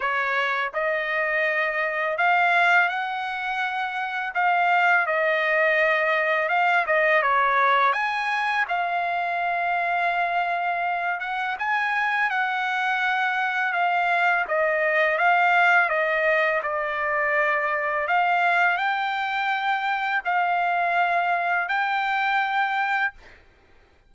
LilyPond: \new Staff \with { instrumentName = "trumpet" } { \time 4/4 \tempo 4 = 83 cis''4 dis''2 f''4 | fis''2 f''4 dis''4~ | dis''4 f''8 dis''8 cis''4 gis''4 | f''2.~ f''8 fis''8 |
gis''4 fis''2 f''4 | dis''4 f''4 dis''4 d''4~ | d''4 f''4 g''2 | f''2 g''2 | }